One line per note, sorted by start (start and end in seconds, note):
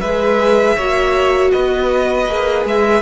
0.00 0.77 G#3
0.00 0.78 G#4
0.00 0.76 B4
0.00 1.50 E5
0.76 1.52 A#3
0.76 2.28 F#4
0.76 1.51 C#5
1.51 2.27 B3
1.51 3.02 B4
1.51 2.64 D#5
2.27 2.65 A#3
2.27 3.02 G#4
2.65 3.02 G#3
2.65 3.02 E5